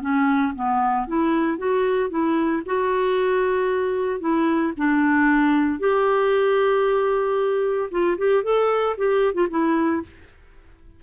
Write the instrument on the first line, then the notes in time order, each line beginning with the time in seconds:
clarinet
0.00 C#4
0.55 B3
1.07 E4
1.58 F#4
2.10 E4
2.66 F#4
4.20 E4
4.77 D4
5.79 G4
7.90 F4
8.17 G4
8.43 A4
8.97 G4
9.34 F4
9.50 E4